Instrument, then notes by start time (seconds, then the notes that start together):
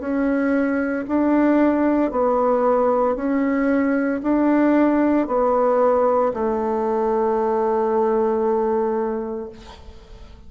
bassoon
0.00 C#4
1.08 D4
2.11 B3
3.15 C#4
4.23 D4
5.27 B3
6.33 A3